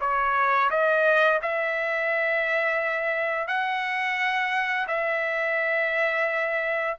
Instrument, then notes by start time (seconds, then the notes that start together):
trumpet
0.00 C#5
0.70 D#5
1.41 E5
3.47 F#5
4.87 E5